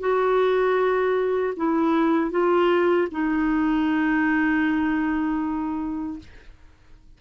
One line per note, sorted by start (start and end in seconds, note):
0.00 1.54 F#4
1.57 2.31 E4
2.31 3.08 F4
3.11 6.19 D#4